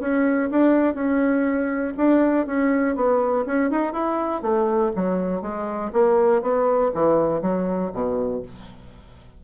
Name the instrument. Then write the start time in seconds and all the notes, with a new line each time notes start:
bassoon
0.00 C#4
0.51 D4
0.95 C#4
1.97 D4
2.46 C#4
2.96 B3
3.46 C#4
3.70 D#4
3.93 E4
4.42 A3
4.95 F#3
5.42 G#3
5.93 A#3
6.42 B3
6.94 E3
7.42 F#3
7.93 B2